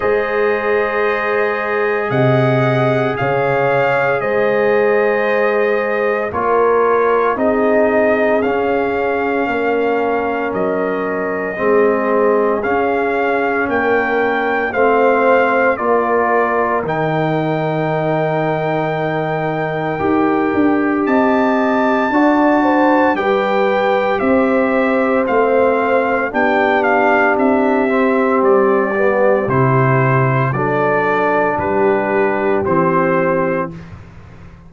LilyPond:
<<
  \new Staff \with { instrumentName = "trumpet" } { \time 4/4 \tempo 4 = 57 dis''2 fis''4 f''4 | dis''2 cis''4 dis''4 | f''2 dis''2 | f''4 g''4 f''4 d''4 |
g''1 | a''2 g''4 e''4 | f''4 g''8 f''8 e''4 d''4 | c''4 d''4 b'4 c''4 | }
  \new Staff \with { instrumentName = "horn" } { \time 4/4 c''2 dis''4 cis''4 | c''2 ais'4 gis'4~ | gis'4 ais'2 gis'4~ | gis'4 ais'4 c''4 ais'4~ |
ais'1 | dis''4 d''8 c''8 b'4 c''4~ | c''4 g'2.~ | g'4 a'4 g'2 | }
  \new Staff \with { instrumentName = "trombone" } { \time 4/4 gis'1~ | gis'2 f'4 dis'4 | cis'2. c'4 | cis'2 c'4 f'4 |
dis'2. g'4~ | g'4 fis'4 g'2 | c'4 d'4. c'4 b8 | e'4 d'2 c'4 | }
  \new Staff \with { instrumentName = "tuba" } { \time 4/4 gis2 c4 cis4 | gis2 ais4 c'4 | cis'4 ais4 fis4 gis4 | cis'4 ais4 a4 ais4 |
dis2. dis'8 d'8 | c'4 d'4 g4 c'4 | a4 b4 c'4 g4 | c4 fis4 g4 e4 | }
>>